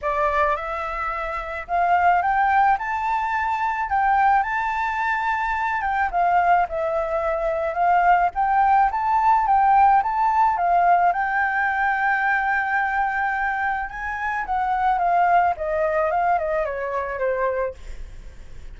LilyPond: \new Staff \with { instrumentName = "flute" } { \time 4/4 \tempo 4 = 108 d''4 e''2 f''4 | g''4 a''2 g''4 | a''2~ a''8 g''8 f''4 | e''2 f''4 g''4 |
a''4 g''4 a''4 f''4 | g''1~ | g''4 gis''4 fis''4 f''4 | dis''4 f''8 dis''8 cis''4 c''4 | }